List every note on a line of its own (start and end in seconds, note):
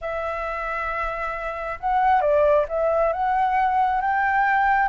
0.01 1.78 E5
1.80 2.21 F#5
2.21 2.65 D5
2.68 3.12 E5
3.12 4.01 F#5
4.01 4.88 G5